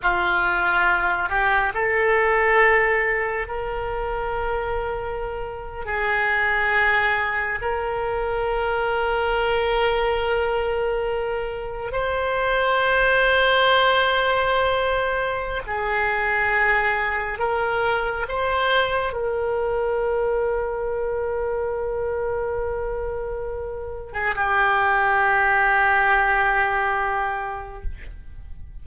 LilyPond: \new Staff \with { instrumentName = "oboe" } { \time 4/4 \tempo 4 = 69 f'4. g'8 a'2 | ais'2~ ais'8. gis'4~ gis'16~ | gis'8. ais'2.~ ais'16~ | ais'4.~ ais'16 c''2~ c''16~ |
c''2 gis'2 | ais'4 c''4 ais'2~ | ais'2.~ ais'8. gis'16 | g'1 | }